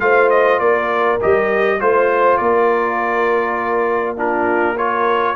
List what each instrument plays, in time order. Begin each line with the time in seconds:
0.00 tuba A3, trombone F4, horn C5, trumpet F5
0.30 trumpet D#5
0.60 tuba A#3, horn A#4, trumpet D5
1.21 tuba G3, trombone G4, trumpet D#5
1.80 tuba A3, trombone F4, trumpet C5, horn C5
2.38 tuba A#3, horn A#4, trumpet D5
4.17 trombone D4, horn F4, trumpet A#4
4.77 trombone F4, horn A#4, trumpet C#5